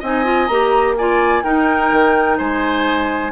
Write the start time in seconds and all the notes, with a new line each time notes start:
0.00 C4 D#4 D#5 G#5
0.25 F4
0.48 A#3 G4 A#5
0.98 F4 D5 G#5
1.44 D#4 A#4 G5
1.92 D#3
2.38 G#3 C5 G#5